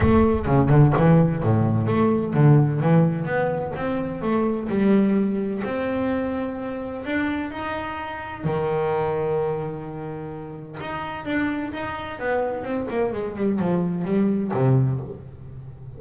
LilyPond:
\new Staff \with { instrumentName = "double bass" } { \time 4/4 \tempo 4 = 128 a4 cis8 d8 e4 a,4 | a4 d4 e4 b4 | c'4 a4 g2 | c'2. d'4 |
dis'2 dis2~ | dis2. dis'4 | d'4 dis'4 b4 c'8 ais8 | gis8 g8 f4 g4 c4 | }